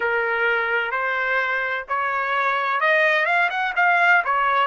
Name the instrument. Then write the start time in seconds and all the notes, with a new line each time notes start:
trumpet
0.00 A#4
0.91 C5
1.88 C#5
2.80 D#5
3.26 F5
3.49 F#5
3.76 F5
4.24 C#5